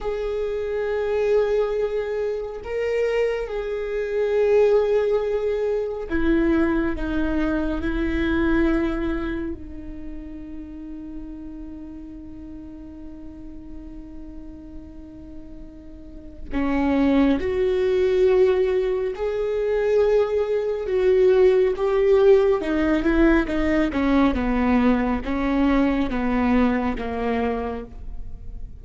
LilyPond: \new Staff \with { instrumentName = "viola" } { \time 4/4 \tempo 4 = 69 gis'2. ais'4 | gis'2. e'4 | dis'4 e'2 dis'4~ | dis'1~ |
dis'2. cis'4 | fis'2 gis'2 | fis'4 g'4 dis'8 e'8 dis'8 cis'8 | b4 cis'4 b4 ais4 | }